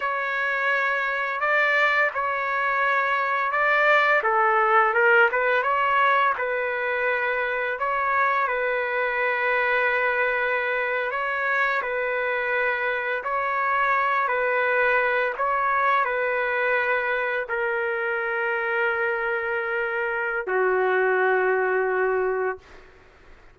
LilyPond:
\new Staff \with { instrumentName = "trumpet" } { \time 4/4 \tempo 4 = 85 cis''2 d''4 cis''4~ | cis''4 d''4 a'4 ais'8 b'8 | cis''4 b'2 cis''4 | b'2.~ b'8. cis''16~ |
cis''8. b'2 cis''4~ cis''16~ | cis''16 b'4. cis''4 b'4~ b'16~ | b'8. ais'2.~ ais'16~ | ais'4 fis'2. | }